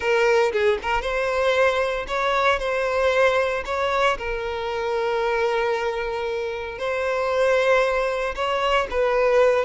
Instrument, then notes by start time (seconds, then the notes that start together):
violin
0.00 A#4
0.52 G#4
0.82 A#4
1.01 C5
2.07 C#5
2.59 C5
3.65 C#5
4.18 A#4
6.78 C5
8.35 C#5
8.90 B4